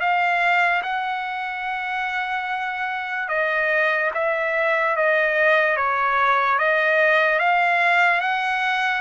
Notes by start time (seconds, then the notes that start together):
0.00 F5
0.83 F#5
3.28 D#5
4.14 E5
4.96 D#5
5.76 C#5
6.58 D#5
7.39 F5
8.21 F#5